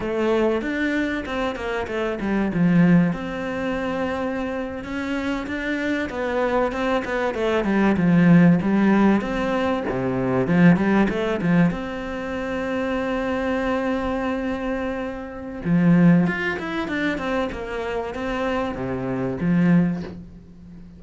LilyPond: \new Staff \with { instrumentName = "cello" } { \time 4/4 \tempo 4 = 96 a4 d'4 c'8 ais8 a8 g8 | f4 c'2~ c'8. cis'16~ | cis'8. d'4 b4 c'8 b8 a16~ | a16 g8 f4 g4 c'4 c16~ |
c8. f8 g8 a8 f8 c'4~ c'16~ | c'1~ | c'4 f4 f'8 e'8 d'8 c'8 | ais4 c'4 c4 f4 | }